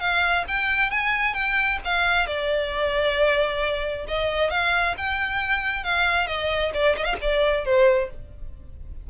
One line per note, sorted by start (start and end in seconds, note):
0.00 0.45 F5
0.48 0.91 G5
0.91 1.34 G#5
1.34 1.79 G5
1.85 2.27 F5
2.27 4.06 D5
4.08 4.50 D#5
4.50 4.95 F5
4.97 5.84 G5
5.84 6.27 F5
6.27 6.72 D#5
6.74 6.96 D5
6.97 7.05 D#5
7.05 7.16 F5
7.22 7.65 D5
7.65 8.10 C5